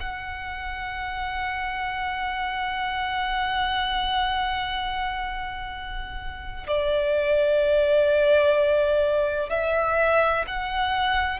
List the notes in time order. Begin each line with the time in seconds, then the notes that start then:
0.00 F#5
6.67 D5
9.50 E5
10.47 F#5